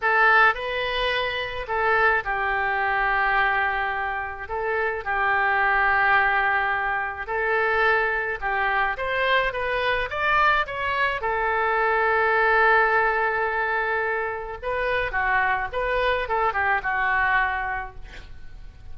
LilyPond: \new Staff \with { instrumentName = "oboe" } { \time 4/4 \tempo 4 = 107 a'4 b'2 a'4 | g'1 | a'4 g'2.~ | g'4 a'2 g'4 |
c''4 b'4 d''4 cis''4 | a'1~ | a'2 b'4 fis'4 | b'4 a'8 g'8 fis'2 | }